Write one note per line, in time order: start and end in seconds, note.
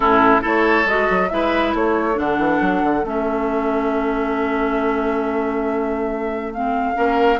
0.00 0.43 A2
0.00 0.40 C#4
0.00 0.41 E4
0.00 0.42 A4
0.40 0.85 A3
0.40 0.84 E4
0.40 1.28 A4
0.40 0.88 C#5
0.85 1.07 G#3
0.85 1.30 F#4
0.85 1.29 D#5
1.10 1.31 F#3
1.29 1.74 G#3
1.29 2.14 E4
1.29 1.76 B4
1.29 1.72 E5
1.74 2.18 A3
1.74 6.96 A4
1.74 2.19 C#5
2.14 2.38 D3
2.14 3.01 D4
2.14 3.06 F#5
2.38 2.60 E3
2.60 2.82 F#3
2.83 3.03 D3
3.03 6.95 A3
3.03 6.53 C#4
3.03 6.53 E5
6.53 6.94 C4
6.53 7.39 F5
6.94 7.39 A#3
6.94 7.37 C#4
6.94 7.39 A#4